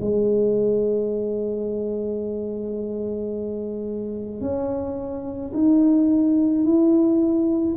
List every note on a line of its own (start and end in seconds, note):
0.00 4.40 G#3
4.40 5.52 C#4
5.54 6.64 D#4
6.64 7.75 E4